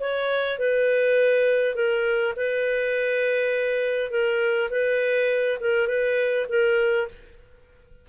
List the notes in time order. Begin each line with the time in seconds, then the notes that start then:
0.00 C#5
0.59 B4
1.75 A#4
2.36 B4
4.11 A#4
4.71 B4
5.60 A#4
5.87 B4
6.49 A#4